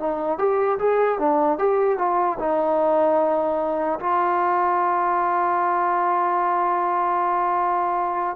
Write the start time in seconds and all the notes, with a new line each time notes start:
0.00 D#4
0.39 G4
0.79 G#4
1.19 D4
1.59 G4
1.98 F4
2.39 D#4
4.00 F4